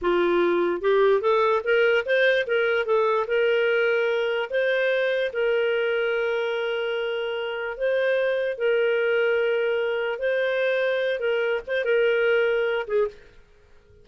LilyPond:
\new Staff \with { instrumentName = "clarinet" } { \time 4/4 \tempo 4 = 147 f'2 g'4 a'4 | ais'4 c''4 ais'4 a'4 | ais'2. c''4~ | c''4 ais'2.~ |
ais'2. c''4~ | c''4 ais'2.~ | ais'4 c''2~ c''8 ais'8~ | ais'8 c''8 ais'2~ ais'8 gis'8 | }